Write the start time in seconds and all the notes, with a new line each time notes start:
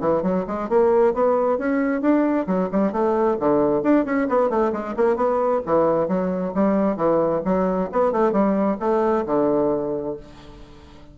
0.00 E3
0.22 F#3
0.47 G#3
0.69 A#3
1.14 B3
1.58 C#4
2.01 D4
2.47 F#3
2.71 G3
2.92 A3
3.40 D3
3.83 D4
4.05 C#4
4.29 B3
4.50 A3
4.72 G#3
4.97 A#3
5.16 B3
5.66 E3
6.08 F#3
6.55 G3
6.97 E3
7.45 F#3
7.92 B3
8.12 A3
8.32 G3
8.79 A3
9.26 D3